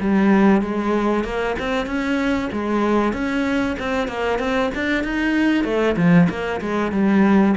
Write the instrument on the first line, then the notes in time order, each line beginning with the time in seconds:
cello
0.00 G3
0.61 G#3
1.24 A#3
1.59 C4
1.86 C#4
2.52 G#3
3.13 C#4
3.79 C4
4.08 A#3
4.39 C4
4.74 D4
5.04 D#4
5.64 A3
5.96 F3
6.29 A#3
6.61 G#3
6.92 G3